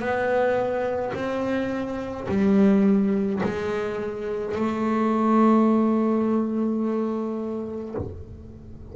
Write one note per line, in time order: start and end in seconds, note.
0.00 1.13 B3
1.14 2.27 C4
2.29 3.42 G3
3.44 4.55 G#3
4.55 7.95 A3